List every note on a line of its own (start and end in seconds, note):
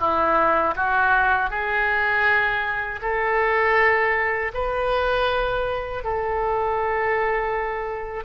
0.00 0.75 E4
0.76 1.50 F#4
1.50 3.00 G#4
3.02 4.52 A4
4.54 6.04 B4
6.04 8.25 A4